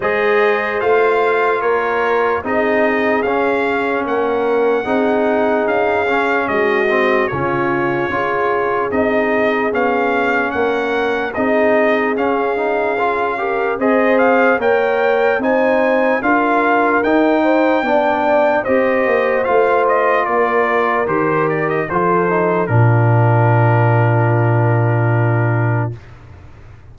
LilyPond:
<<
  \new Staff \with { instrumentName = "trumpet" } { \time 4/4 \tempo 4 = 74 dis''4 f''4 cis''4 dis''4 | f''4 fis''2 f''4 | dis''4 cis''2 dis''4 | f''4 fis''4 dis''4 f''4~ |
f''4 dis''8 f''8 g''4 gis''4 | f''4 g''2 dis''4 | f''8 dis''8 d''4 c''8 d''16 dis''16 c''4 | ais'1 | }
  \new Staff \with { instrumentName = "horn" } { \time 4/4 c''2 ais'4 gis'4~ | gis'4 ais'4 gis'2 | fis'4 f'4 gis'2~ | gis'4 ais'4 gis'2~ |
gis'8 ais'8 c''4 cis''4 c''4 | ais'4. c''8 d''4 c''4~ | c''4 ais'2 a'4 | f'1 | }
  \new Staff \with { instrumentName = "trombone" } { \time 4/4 gis'4 f'2 dis'4 | cis'2 dis'4. cis'8~ | cis'8 c'8 cis'4 f'4 dis'4 | cis'2 dis'4 cis'8 dis'8 |
f'8 g'8 gis'4 ais'4 dis'4 | f'4 dis'4 d'4 g'4 | f'2 g'4 f'8 dis'8 | d'1 | }
  \new Staff \with { instrumentName = "tuba" } { \time 4/4 gis4 a4 ais4 c'4 | cis'4 ais4 c'4 cis'4 | gis4 cis4 cis'4 c'4 | b4 ais4 c'4 cis'4~ |
cis'4 c'4 ais4 c'4 | d'4 dis'4 b4 c'8 ais8 | a4 ais4 dis4 f4 | ais,1 | }
>>